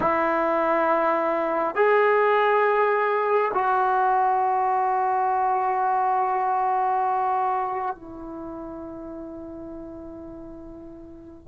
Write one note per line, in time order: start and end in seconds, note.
0.00 1.74 E4
1.74 3.51 G#4
3.53 7.95 F#4
7.95 11.47 E4